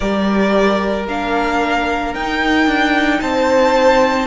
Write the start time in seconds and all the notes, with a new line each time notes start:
0.00 G3 G4 A#4 D5
1.07 A#3 D4 F5
2.14 D#4 G5
2.67 D4
3.21 C4 C5 A5